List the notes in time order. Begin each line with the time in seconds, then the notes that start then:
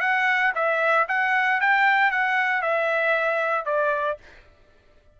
0.00 F#5
0.55 E5
1.08 F#5
1.60 G5
2.10 F#5
2.61 E5
3.65 D5